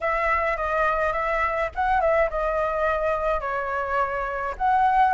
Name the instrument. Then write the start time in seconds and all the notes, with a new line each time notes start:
flute
0.00 E5
0.56 D#5
1.12 E5
1.75 F#5
2.00 E5
2.29 D#5
3.40 C#5
4.57 F#5